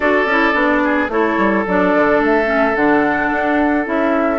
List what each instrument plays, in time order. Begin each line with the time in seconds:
0.00 bassoon D4, clarinet F#4, oboe A4, flute D5
0.25 bassoon C#4, clarinet E4
0.53 bassoon B3, clarinet D4
0.83 oboe G#4
1.08 bassoon A3, clarinet E4, oboe A4, flute C#5
1.37 bassoon G3
1.66 bassoon F#3, clarinet D4, flute D5
1.95 bassoon D3
2.20 bassoon A3, flute E5
2.45 clarinet C#4
2.75 bassoon D3, clarinet D4, flute F#5
3.31 bassoon D4
3.84 bassoon C#4, clarinet E4, flute E5